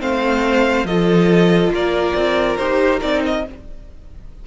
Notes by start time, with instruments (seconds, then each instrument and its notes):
0.00 cello A3, viola C4, violin C5 F5
0.84 cello F3, viola F4, violin A4 D#5
1.70 cello A#3, violin A#4 D5
2.15 cello C4
2.57 cello D#4, viola G4, violin C5
3.00 cello C4, viola D#4, violin D5
3.25 violin D#5